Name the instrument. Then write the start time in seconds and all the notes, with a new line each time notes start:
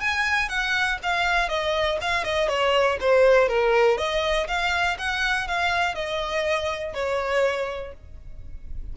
violin
0.00 G#5
0.48 F#5
1.02 F5
1.48 D#5
2.01 F5
2.24 D#5
2.48 C#5
3.00 C5
3.48 A#4
3.97 D#5
4.47 F5
4.98 F#5
5.47 F5
5.94 D#5
6.94 C#5